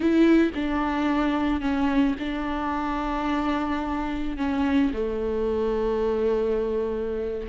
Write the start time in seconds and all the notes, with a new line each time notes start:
0.00 E4
0.54 D4
1.60 C#4
2.19 D4
4.37 C#4
4.93 A3